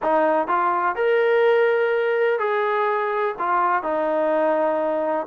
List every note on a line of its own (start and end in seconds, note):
0.02 0.47 D#4
0.47 0.95 F4
0.95 2.39 A#4
2.39 3.35 G#4
3.38 3.82 F4
3.82 5.26 D#4